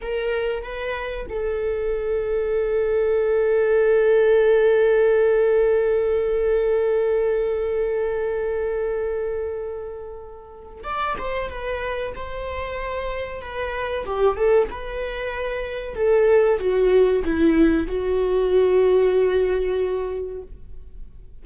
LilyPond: \new Staff \with { instrumentName = "viola" } { \time 4/4 \tempo 4 = 94 ais'4 b'4 a'2~ | a'1~ | a'1~ | a'1~ |
a'4 d''8 c''8 b'4 c''4~ | c''4 b'4 g'8 a'8 b'4~ | b'4 a'4 fis'4 e'4 | fis'1 | }